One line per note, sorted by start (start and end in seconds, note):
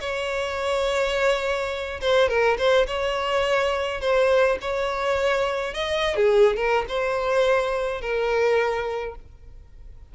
0.00 2.00 C#5
2.00 2.28 C5
2.28 2.57 A#4
2.57 2.86 C5
2.86 4.00 C#5
4.00 4.57 C5
4.61 5.74 C#5
5.74 6.15 D#5
6.15 6.56 G#4
6.56 6.85 A#4
6.88 8.01 C5
8.01 9.15 A#4